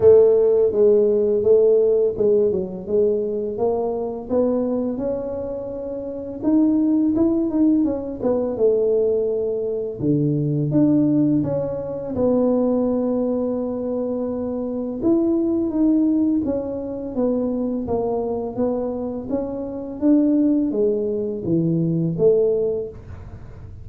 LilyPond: \new Staff \with { instrumentName = "tuba" } { \time 4/4 \tempo 4 = 84 a4 gis4 a4 gis8 fis8 | gis4 ais4 b4 cis'4~ | cis'4 dis'4 e'8 dis'8 cis'8 b8 | a2 d4 d'4 |
cis'4 b2.~ | b4 e'4 dis'4 cis'4 | b4 ais4 b4 cis'4 | d'4 gis4 e4 a4 | }